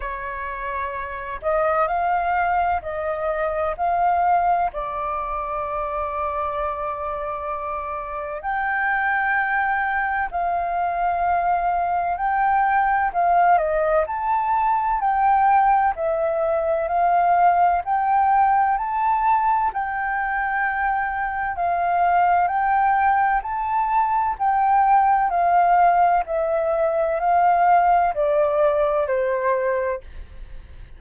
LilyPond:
\new Staff \with { instrumentName = "flute" } { \time 4/4 \tempo 4 = 64 cis''4. dis''8 f''4 dis''4 | f''4 d''2.~ | d''4 g''2 f''4~ | f''4 g''4 f''8 dis''8 a''4 |
g''4 e''4 f''4 g''4 | a''4 g''2 f''4 | g''4 a''4 g''4 f''4 | e''4 f''4 d''4 c''4 | }